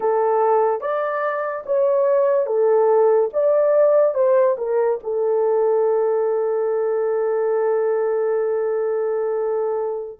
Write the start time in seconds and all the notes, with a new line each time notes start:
0.00 A4
0.80 D5
1.66 C#5
2.46 A4
3.33 D5
4.14 C5
4.57 A#4
5.03 A4